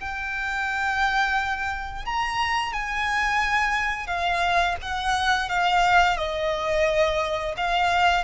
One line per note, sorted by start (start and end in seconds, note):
0.00 2.05 G5
2.05 2.73 A#5
2.73 4.07 G#5
4.07 4.76 F5
4.82 5.49 F#5
5.49 6.17 F5
6.17 7.55 D#5
7.57 8.24 F5